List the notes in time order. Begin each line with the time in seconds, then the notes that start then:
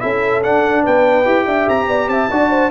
0.00 C#4 E4 A4 E5
0.43 D4 F#5
0.83 B3 B4 G5
1.25 E4 G4
1.46 D4 E5
1.68 C4 A#5
1.87 B3 D5
2.07 C4 E5 A5
2.31 D4 F#4 D5
2.50 C5